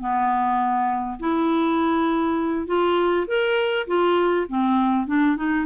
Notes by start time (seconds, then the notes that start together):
0.00 B3
1.19 E4
2.67 F4
3.27 A#4
3.87 F4
4.49 C4
5.07 D4
5.36 D#4